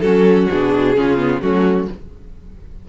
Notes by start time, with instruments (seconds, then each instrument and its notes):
0.00 cello F#3, viola C#4, violin F#4 A4
0.49 cello B2, viola D4, violin G#4
0.96 cello C#3, viola C#4, violin F4
1.17 viola B3
1.41 cello F#3, viola A3, violin C#4 F#4